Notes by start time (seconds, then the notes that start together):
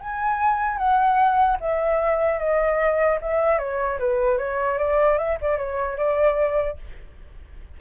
0.00 G#5
0.77 F#5
1.60 E5
2.39 D#5
3.21 E5
3.59 C#5
4.00 B4
4.38 C#5
4.78 D5
5.18 E5
5.41 D5
5.58 C#5
5.97 D5